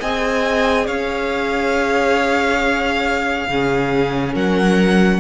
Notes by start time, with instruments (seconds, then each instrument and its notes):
0.00 cello C4, viola G#4, violin D#5 G#5
0.86 cello C#4, violin C#5 F5
3.49 cello C#3, viola C#4, violin G#4
4.34 cello F#3, violin A#4 F#5